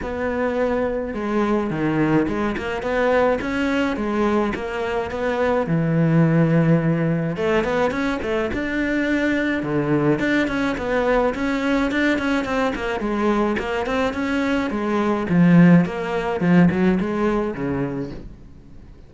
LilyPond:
\new Staff \with { instrumentName = "cello" } { \time 4/4 \tempo 4 = 106 b2 gis4 dis4 | gis8 ais8 b4 cis'4 gis4 | ais4 b4 e2~ | e4 a8 b8 cis'8 a8 d'4~ |
d'4 d4 d'8 cis'8 b4 | cis'4 d'8 cis'8 c'8 ais8 gis4 | ais8 c'8 cis'4 gis4 f4 | ais4 f8 fis8 gis4 cis4 | }